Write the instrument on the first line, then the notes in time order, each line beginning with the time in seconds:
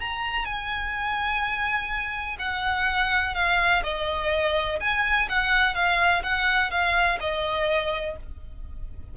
violin
0.00 A#5
0.45 G#5
2.39 F#5
3.34 F5
3.83 D#5
4.80 G#5
5.29 F#5
5.74 F5
6.23 F#5
6.70 F5
7.20 D#5